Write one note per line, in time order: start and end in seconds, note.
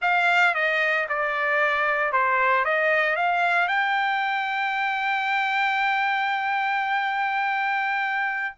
0.01 0.54 F5
0.54 1.07 D#5
1.08 2.12 D5
2.12 2.64 C5
2.64 3.16 D#5
3.16 3.68 F5
3.68 8.55 G5